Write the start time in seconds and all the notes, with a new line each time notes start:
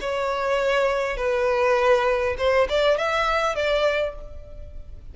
0.00 C#5
1.16 B4
2.38 C5
2.69 D5
2.97 E5
3.55 D5